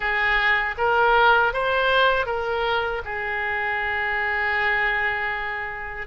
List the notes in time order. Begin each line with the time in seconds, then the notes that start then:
0.00 G#4
0.77 A#4
1.53 C5
2.25 A#4
3.04 G#4